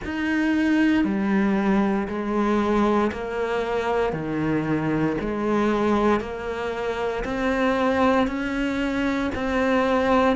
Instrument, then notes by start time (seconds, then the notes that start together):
cello
0.04 D#4
1.04 G3
2.07 G#3
3.11 A#3
4.12 D#3
5.21 G#3
6.20 A#3
7.24 C4
8.27 C#4
9.34 C4